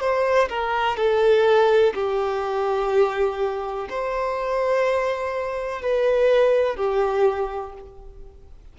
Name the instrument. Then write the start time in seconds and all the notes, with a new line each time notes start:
violin
0.00 C5
0.49 A#4
0.96 A4
1.94 G4
3.89 C5
5.82 B4
6.76 G4